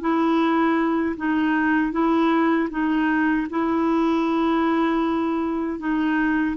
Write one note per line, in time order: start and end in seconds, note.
0.00 1.15 E4
1.16 1.92 D#4
1.92 2.69 E4
2.70 3.47 D#4
3.50 5.79 E4
5.79 6.56 D#4